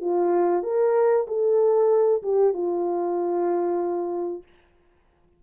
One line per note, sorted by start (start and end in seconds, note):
0.00 0.63 F4
0.63 1.26 A#4
1.27 2.22 A4
2.22 2.53 G4
2.53 4.42 F4